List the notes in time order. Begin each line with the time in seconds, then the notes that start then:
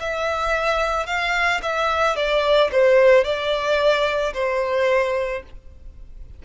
0.00 E5
1.07 F5
1.63 E5
2.16 D5
2.72 C5
3.24 D5
4.34 C5